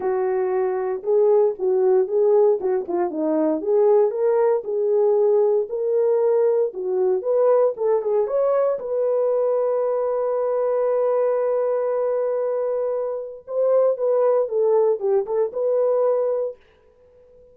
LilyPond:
\new Staff \with { instrumentName = "horn" } { \time 4/4 \tempo 4 = 116 fis'2 gis'4 fis'4 | gis'4 fis'8 f'8 dis'4 gis'4 | ais'4 gis'2 ais'4~ | ais'4 fis'4 b'4 a'8 gis'8 |
cis''4 b'2.~ | b'1~ | b'2 c''4 b'4 | a'4 g'8 a'8 b'2 | }